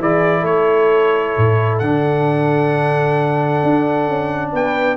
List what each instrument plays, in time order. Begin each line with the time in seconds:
0.00 tuba E3, trombone E4, horn G#4, trumpet D5
0.42 tuba A3, horn A4, trumpet C#5
1.37 tuba A2
1.79 tuba D3, trombone D4, trumpet F#5
3.63 tuba D4
4.08 tuba C#4
4.52 tuba B3, horn B4, trumpet G5